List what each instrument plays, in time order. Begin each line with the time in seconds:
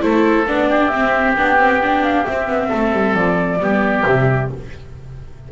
0.00 double bass A3, viola E4, oboe A4, flute C5
0.47 double bass B3, viola D4, flute D5
0.69 oboe G4
0.88 double bass C4, viola C4, flute E5
1.36 double bass B3, viola D4, flute G5
1.58 viola C4
1.83 viola D4
2.03 flute F5
2.25 viola C4, double bass C4, flute E5
2.47 double bass B3
2.68 double bass A3, oboe A4
2.93 double bass G3
3.14 double bass F3, flute D5
3.59 double bass G3, viola B3, oboe G4
4.05 double bass C3, viola G3, flute E5